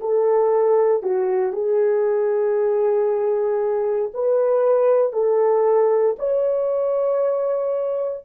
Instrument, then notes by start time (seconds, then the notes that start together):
horn
0.00 A4
1.03 F#4
1.52 G#4
4.14 B4
5.13 A4
6.18 C#5